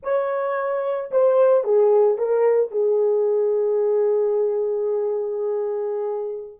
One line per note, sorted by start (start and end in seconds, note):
0.02 1.10 C#5
1.11 1.63 C5
1.63 2.17 G#4
2.17 2.71 A#4
2.71 6.59 G#4